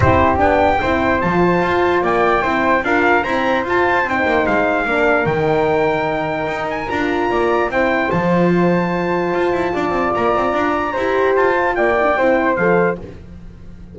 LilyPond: <<
  \new Staff \with { instrumentName = "trumpet" } { \time 4/4 \tempo 4 = 148 c''4 g''2 a''4~ | a''4 g''2 f''4 | ais''4 a''4 g''4 f''4~ | f''4 g''2.~ |
g''8 gis''8 ais''2 g''4 | a''1~ | a''4 ais''2. | a''4 g''2 f''4 | }
  \new Staff \with { instrumentName = "flute" } { \time 4/4 g'2 c''2~ | c''4 d''4 c''4 ais'4 | c''1 | ais'1~ |
ais'2 d''4 c''4~ | c''1 | d''2. c''4~ | c''4 d''4 c''2 | }
  \new Staff \with { instrumentName = "horn" } { \time 4/4 e'4 d'4 e'4 f'4~ | f'2 e'4 f'4 | c'4 f'4 dis'2 | d'4 dis'2.~ |
dis'4 f'2 e'4 | f'1~ | f'2. g'4~ | g'8 f'4 e'16 d'16 e'4 a'4 | }
  \new Staff \with { instrumentName = "double bass" } { \time 4/4 c'4 b4 c'4 f4 | f'4 ais4 c'4 d'4 | e'4 f'4 c'8 ais8 gis4 | ais4 dis2. |
dis'4 d'4 ais4 c'4 | f2. f'8 e'8 | d'8 c'8 ais8 c'8 d'4 e'4 | f'4 ais4 c'4 f4 | }
>>